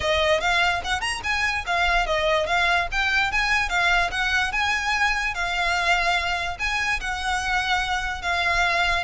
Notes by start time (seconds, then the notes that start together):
0.00 D#5
0.40 F5
0.84 F#5
1.00 A#5
1.23 G#5
1.66 F5
2.06 D#5
2.46 F5
2.91 G5
3.31 G#5
3.69 F5
4.11 F#5
4.52 G#5
5.34 F5
6.59 G#5
7.00 F#5
8.21 F5